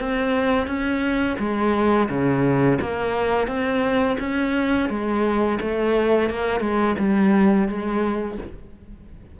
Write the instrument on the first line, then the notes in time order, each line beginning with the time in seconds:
cello
0.00 C4
0.67 C#4
1.39 G#3
2.09 C#3
2.81 A#3
3.48 C4
4.20 C#4
4.89 G#3
5.61 A3
6.30 A#3
6.61 G#3
6.99 G3
7.68 G#3